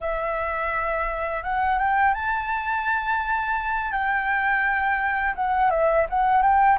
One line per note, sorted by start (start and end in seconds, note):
0.01 1.43 E5
1.43 1.79 F#5
1.79 2.14 G5
2.14 3.91 A5
3.91 5.34 G5
5.35 5.70 F#5
5.70 6.06 E5
6.09 6.42 F#5
6.42 6.78 G5